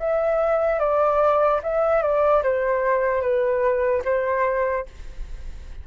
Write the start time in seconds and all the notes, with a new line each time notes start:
0.00 E5
0.80 D5
1.63 E5
2.03 D5
2.44 C5
3.22 B4
4.05 C5